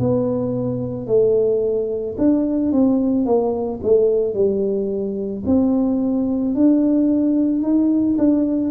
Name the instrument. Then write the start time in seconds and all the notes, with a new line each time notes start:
tuba
0.00 B3
1.07 A3
2.19 D4
2.73 C4
3.26 A#3
3.83 A3
4.34 G3
5.46 C4
6.55 D4
7.63 D#4
8.19 D4